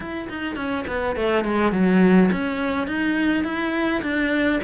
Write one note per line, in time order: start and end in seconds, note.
0.00 0.28 E4
0.29 0.55 D#4
0.55 0.84 C#4
0.87 1.15 B3
1.15 1.44 A3
1.44 1.72 G#3
1.72 2.29 F#3
2.31 2.87 C#4
2.87 3.44 D#4
3.44 4.01 E4
4.02 4.59 D4